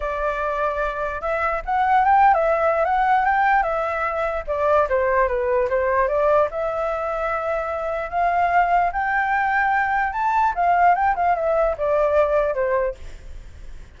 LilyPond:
\new Staff \with { instrumentName = "flute" } { \time 4/4 \tempo 4 = 148 d''2. e''4 | fis''4 g''8. e''4~ e''16 fis''4 | g''4 e''2 d''4 | c''4 b'4 c''4 d''4 |
e''1 | f''2 g''2~ | g''4 a''4 f''4 g''8 f''8 | e''4 d''2 c''4 | }